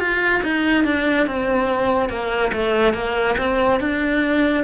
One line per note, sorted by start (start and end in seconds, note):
0.00 0.42 F4
0.43 0.85 D#4
0.85 1.27 D4
1.27 2.10 C4
2.10 2.52 A#3
2.53 2.94 A3
2.94 3.36 A#3
3.38 3.80 C4
3.80 4.64 D4